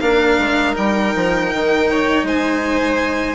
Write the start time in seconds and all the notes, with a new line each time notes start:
0.00 A#3 D4 A#4 F5
0.39 G#3
0.74 G3 D#4 G5
1.16 F3
1.53 D#3
1.91 C#5
2.23 G#3 C5 G#5